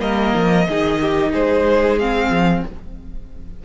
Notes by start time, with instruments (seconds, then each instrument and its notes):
0.00 cello G3, viola A#3, violin A#4 D#5
0.36 cello F3
0.68 cello D#3, viola D#4, violin G#4
1.02 violin G4
1.32 cello G#3, violin G#4 C5
1.99 viola C4, violin F5
2.30 cello F3